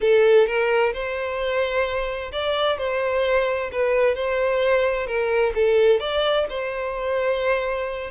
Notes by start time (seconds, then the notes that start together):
0.00 A4
0.46 A#4
0.93 C5
2.31 D5
2.78 C5
3.72 B4
4.15 C5
5.06 A#4
5.54 A4
6.00 D5
6.49 C5